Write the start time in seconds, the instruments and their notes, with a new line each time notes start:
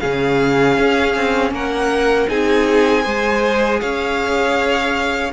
0.00 cello C#3, viola C#4, violin G#4 F5
0.78 cello C#4
1.16 cello C4
1.51 cello A#3, violin A#4 F#5
2.29 cello C4, viola D#4, violin G#4 G#5
3.03 cello G#3, viola G#4, violin C5
3.81 cello C#4, violin C#5 F5